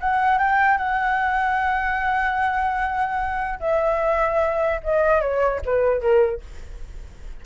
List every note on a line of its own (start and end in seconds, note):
0.00 0.38 F#5
0.38 0.77 G5
0.77 3.59 F#5
3.60 4.80 E5
4.83 5.21 D#5
5.21 5.61 C#5
5.65 6.01 B4
6.01 6.41 A#4